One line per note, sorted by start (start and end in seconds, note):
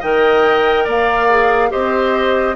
0.00 0.87 D#3
0.00 1.30 A#4
0.00 0.84 D#5
0.00 0.87 G5
0.84 1.71 A#3
0.84 1.69 D5
0.84 1.71 F5
1.30 1.70 G#4
1.70 2.56 C4
1.70 2.55 G4
1.70 2.56 C5
1.70 2.56 D#5